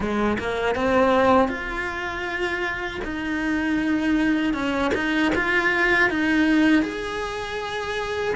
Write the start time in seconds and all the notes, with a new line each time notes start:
0.00 G#3
0.38 A#3
0.75 C4
1.48 F4
3.04 D#4
4.53 C#4
4.94 D#4
5.35 F4
6.10 D#4
6.82 G#4